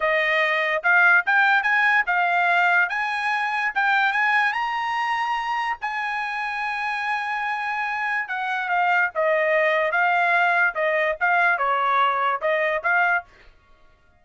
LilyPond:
\new Staff \with { instrumentName = "trumpet" } { \time 4/4 \tempo 4 = 145 dis''2 f''4 g''4 | gis''4 f''2 gis''4~ | gis''4 g''4 gis''4 ais''4~ | ais''2 gis''2~ |
gis''1 | fis''4 f''4 dis''2 | f''2 dis''4 f''4 | cis''2 dis''4 f''4 | }